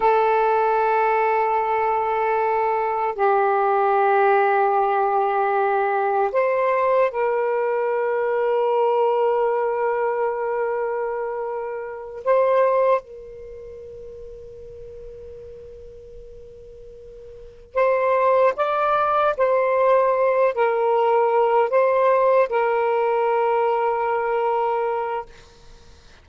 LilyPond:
\new Staff \with { instrumentName = "saxophone" } { \time 4/4 \tempo 4 = 76 a'1 | g'1 | c''4 ais'2.~ | ais'2.~ ais'8 c''8~ |
c''8 ais'2.~ ais'8~ | ais'2~ ais'8 c''4 d''8~ | d''8 c''4. ais'4. c''8~ | c''8 ais'2.~ ais'8 | }